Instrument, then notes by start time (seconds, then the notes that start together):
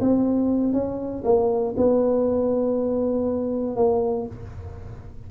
tuba
0.00 C4
0.73 C#4
1.24 A#3
1.77 B3
3.76 A#3